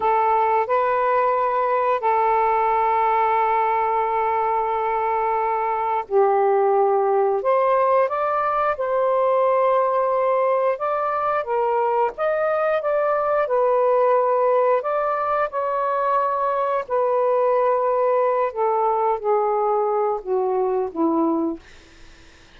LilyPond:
\new Staff \with { instrumentName = "saxophone" } { \time 4/4 \tempo 4 = 89 a'4 b'2 a'4~ | a'1~ | a'4 g'2 c''4 | d''4 c''2. |
d''4 ais'4 dis''4 d''4 | b'2 d''4 cis''4~ | cis''4 b'2~ b'8 a'8~ | a'8 gis'4. fis'4 e'4 | }